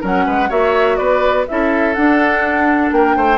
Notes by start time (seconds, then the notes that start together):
0.00 F#3 C#4 A#4 F#5
0.26 G#3 B4
0.48 A#3 F#4 C#5 E5
0.96 B3 B4 D5
1.47 C#4 E4 A4 E5
1.93 D4 F#5
2.91 A#3 A#4 G5
3.16 A3 C5